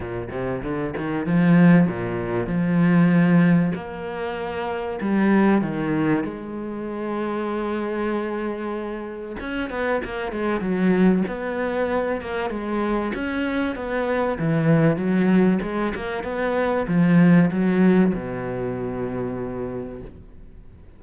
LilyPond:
\new Staff \with { instrumentName = "cello" } { \time 4/4 \tempo 4 = 96 ais,8 c8 d8 dis8 f4 ais,4 | f2 ais2 | g4 dis4 gis2~ | gis2. cis'8 b8 |
ais8 gis8 fis4 b4. ais8 | gis4 cis'4 b4 e4 | fis4 gis8 ais8 b4 f4 | fis4 b,2. | }